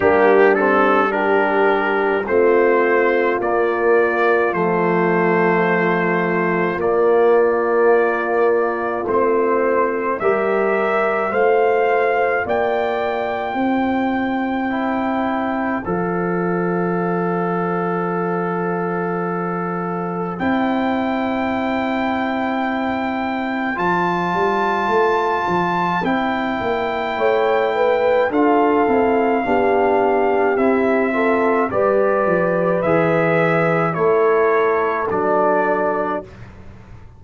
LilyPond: <<
  \new Staff \with { instrumentName = "trumpet" } { \time 4/4 \tempo 4 = 53 g'8 a'8 ais'4 c''4 d''4 | c''2 d''2 | c''4 e''4 f''4 g''4~ | g''2 f''2~ |
f''2 g''2~ | g''4 a''2 g''4~ | g''4 f''2 e''4 | d''4 e''4 cis''4 d''4 | }
  \new Staff \with { instrumentName = "horn" } { \time 4/4 d'4 g'4 f'2~ | f'1~ | f'4 ais'4 c''4 d''4 | c''1~ |
c''1~ | c''1 | cis''8 b'8 a'4 g'4. a'8 | b'2 a'2 | }
  \new Staff \with { instrumentName = "trombone" } { \time 4/4 ais8 c'8 d'4 c'4 ais4 | a2 ais2 | c'4 g'4 f'2~ | f'4 e'4 a'2~ |
a'2 e'2~ | e'4 f'2 e'4~ | e'4 f'8 e'8 d'4 e'8 f'8 | g'4 gis'4 e'4 d'4 | }
  \new Staff \with { instrumentName = "tuba" } { \time 4/4 g2 a4 ais4 | f2 ais2 | a4 g4 a4 ais4 | c'2 f2~ |
f2 c'2~ | c'4 f8 g8 a8 f8 c'8 ais8 | a4 d'8 c'8 b4 c'4 | g8 f8 e4 a4 fis4 | }
>>